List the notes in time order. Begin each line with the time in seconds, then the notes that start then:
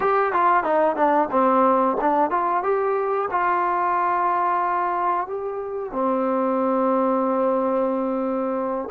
0.00 G4
0.33 F4
0.63 D#4
0.96 D4
1.31 C4
2.00 D4
2.30 F4
2.63 G4
3.30 F4
5.27 G4
5.92 C4